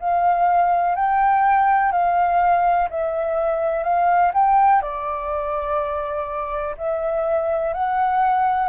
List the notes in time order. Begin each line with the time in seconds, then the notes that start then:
0.00 F5
0.95 G5
1.92 F5
2.90 E5
3.83 F5
4.34 G5
4.82 D5
6.78 E5
7.74 F#5